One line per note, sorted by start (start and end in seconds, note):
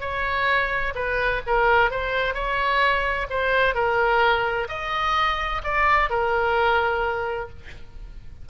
0.00 0.93 C#5
0.95 1.41 B4
1.46 1.90 A#4
1.90 2.34 C5
2.34 3.27 C#5
3.30 3.74 C5
3.74 4.67 A#4
4.68 5.62 D#5
5.64 6.10 D5
6.10 7.49 A#4